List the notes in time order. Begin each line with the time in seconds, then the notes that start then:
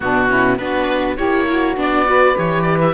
0.00 B2 B3 D4 F#4
0.28 C#4 E4
0.57 B3 D4 F#4 B4
1.16 A#3 E4 G4 C#5
1.48 F#4
1.76 B3 D4 D5
2.05 F#4 B4
2.34 E3 G4 C#5
2.62 D5
2.80 E5